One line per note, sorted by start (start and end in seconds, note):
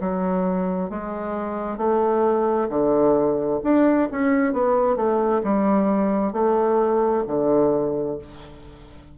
0.00 0.90 F#3
0.90 1.78 G#3
1.78 2.69 A3
2.69 3.60 D3
3.63 4.09 D4
4.12 4.53 C#4
4.53 4.96 B3
4.96 5.41 A3
5.43 6.33 G3
6.33 7.24 A3
7.27 8.18 D3